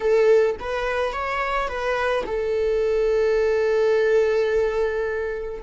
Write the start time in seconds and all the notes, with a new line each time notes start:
0.00 A4
0.59 B4
1.12 C#5
1.67 B4
2.26 A4